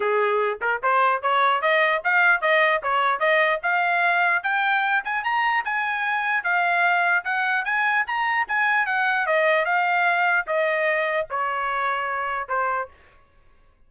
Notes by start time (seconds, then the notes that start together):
0.00 G#4
0.61 A#4
0.82 C5
1.22 C#5
1.61 D#5
2.04 F5
2.41 D#5
2.82 C#5
3.19 D#5
3.63 F5
4.43 G5
5.04 G#5
5.24 A#5
5.65 G#5
6.43 F5
7.24 F#5
7.65 G#5
8.06 A#5
8.48 G#5
8.86 F#5
9.26 D#5
9.65 F5
10.46 D#5
11.30 C#5
12.48 C5